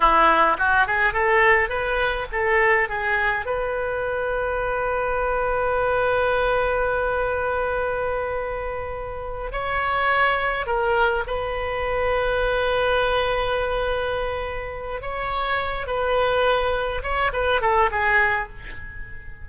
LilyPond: \new Staff \with { instrumentName = "oboe" } { \time 4/4 \tempo 4 = 104 e'4 fis'8 gis'8 a'4 b'4 | a'4 gis'4 b'2~ | b'1~ | b'1~ |
b'8 cis''2 ais'4 b'8~ | b'1~ | b'2 cis''4. b'8~ | b'4. cis''8 b'8 a'8 gis'4 | }